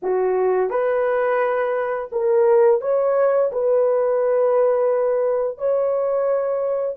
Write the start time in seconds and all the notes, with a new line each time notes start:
0.02 F#4
0.70 B4
2.12 A#4
2.81 C#5
3.52 B4
5.58 C#5